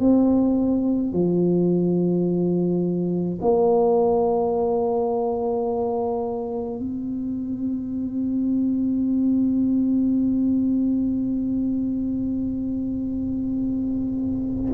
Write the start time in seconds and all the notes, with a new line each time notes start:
0.00 C4
1.13 F3
3.41 A#3
6.79 C4